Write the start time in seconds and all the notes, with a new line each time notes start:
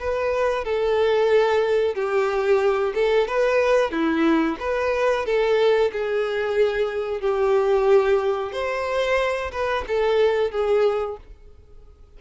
0.00 B4
0.65 A4
1.95 G4
2.95 A4
3.28 B4
3.92 E4
4.60 B4
5.26 A4
5.93 G#4
7.21 G4
8.53 C5
9.52 B4
9.88 A4
10.52 G#4